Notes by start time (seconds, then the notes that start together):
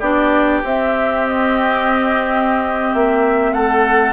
0.00 B3 D4 G4 D5
0.64 C4 E5
1.28 D#5
2.94 A#3 E5
3.53 A3 A4 F#5